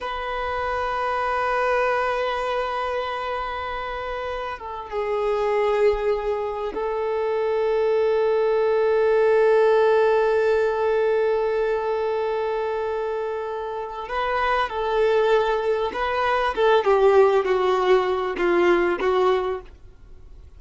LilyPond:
\new Staff \with { instrumentName = "violin" } { \time 4/4 \tempo 4 = 98 b'1~ | b'2.~ b'8 a'8 | gis'2. a'4~ | a'1~ |
a'1~ | a'2. b'4 | a'2 b'4 a'8 g'8~ | g'8 fis'4. f'4 fis'4 | }